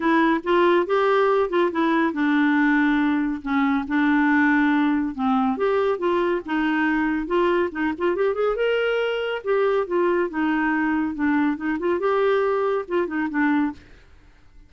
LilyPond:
\new Staff \with { instrumentName = "clarinet" } { \time 4/4 \tempo 4 = 140 e'4 f'4 g'4. f'8 | e'4 d'2. | cis'4 d'2. | c'4 g'4 f'4 dis'4~ |
dis'4 f'4 dis'8 f'8 g'8 gis'8 | ais'2 g'4 f'4 | dis'2 d'4 dis'8 f'8 | g'2 f'8 dis'8 d'4 | }